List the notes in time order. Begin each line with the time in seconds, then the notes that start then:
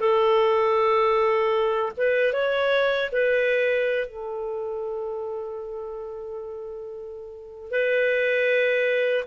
0.00 A4
1.97 B4
2.33 C#5
3.12 B4
4.07 A4
7.71 B4